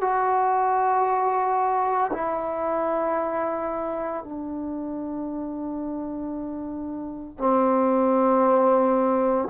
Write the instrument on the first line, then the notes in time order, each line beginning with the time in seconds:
trombone
0.00 F#4
2.12 E4
4.23 D4
7.37 C4